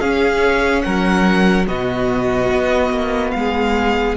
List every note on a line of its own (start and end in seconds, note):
0.00 1.67 C#4
0.00 0.84 C#4
0.00 0.84 G#4
0.00 0.82 F5
0.82 1.68 F#3
0.82 1.67 A#4
0.82 1.65 F#5
1.67 2.51 B2
1.67 4.17 B3
1.67 3.34 F#4
1.67 3.31 D#5
2.51 2.90 B3
2.90 3.32 A#3
3.31 4.17 G#3
3.31 4.15 F5
3.39 4.17 G#4